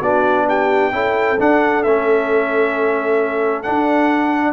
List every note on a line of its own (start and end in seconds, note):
0.00 0.92 B3
0.00 0.92 D4
0.00 0.45 F#4
0.00 0.48 D5
0.48 0.93 G4
0.48 1.40 G5
0.92 1.38 C#4
0.92 1.38 E4
0.92 4.53 A4
1.40 1.85 D4
1.40 1.83 F#5
1.83 3.67 A3
1.83 3.64 C#4
1.83 3.63 E5
3.63 4.53 D4
3.63 4.53 F#5